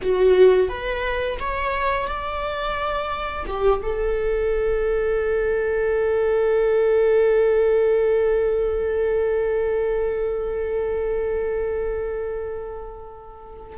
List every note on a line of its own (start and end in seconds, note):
0.01 0.68 F#4
0.68 1.37 B4
1.39 2.07 C#5
2.07 3.45 D5
3.46 3.81 G4
3.82 13.78 A4